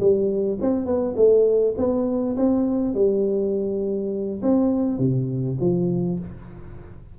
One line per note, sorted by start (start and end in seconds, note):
0.00 0.59 G3
0.61 0.86 C4
0.86 1.15 B3
1.16 1.75 A3
1.78 2.37 B3
2.37 2.94 C4
2.94 4.41 G3
4.42 4.99 C4
4.99 5.58 C3
5.60 6.19 F3